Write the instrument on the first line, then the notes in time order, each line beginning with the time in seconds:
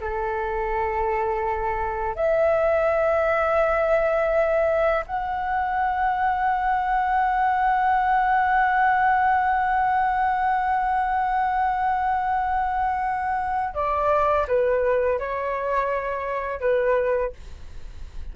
flute
0.00 A4
2.15 E5
5.06 F#5
13.74 D5
14.47 B4
15.19 C#5
16.60 B4